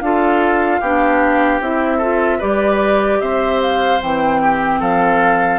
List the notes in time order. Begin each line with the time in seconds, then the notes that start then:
0.00 D4 F4 A4 F5
0.80 B3 D4 G4
1.60 C4 E4 E5
1.98 F4 A4
2.38 G3 G4 B4 D5
3.21 C4 C5 E5
3.61 F5
4.02 E3 C4 G5
4.42 G4
4.80 F3 A4 F5